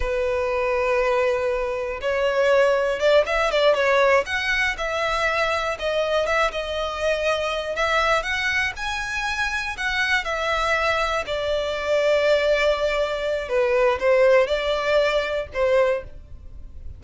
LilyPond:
\new Staff \with { instrumentName = "violin" } { \time 4/4 \tempo 4 = 120 b'1 | cis''2 d''8 e''8 d''8 cis''8~ | cis''8 fis''4 e''2 dis''8~ | dis''8 e''8 dis''2~ dis''8 e''8~ |
e''8 fis''4 gis''2 fis''8~ | fis''8 e''2 d''4.~ | d''2. b'4 | c''4 d''2 c''4 | }